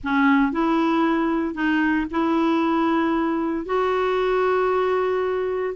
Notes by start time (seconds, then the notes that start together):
0.03 C#4
0.52 E4
1.54 D#4
2.10 E4
3.65 F#4